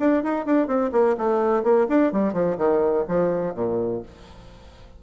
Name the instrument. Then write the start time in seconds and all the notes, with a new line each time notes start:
bassoon
0.00 D4
0.24 D#4
0.46 D4
0.68 C4
0.93 A#3
1.18 A3
1.63 A#3
1.89 D4
2.13 G3
2.34 F3
2.58 D#3
3.08 F3
3.55 A#2